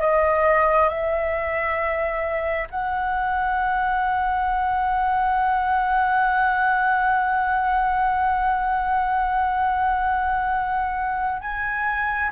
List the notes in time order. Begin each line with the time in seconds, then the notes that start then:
0.00 D#5
0.88 E5
2.69 F#5
11.41 G#5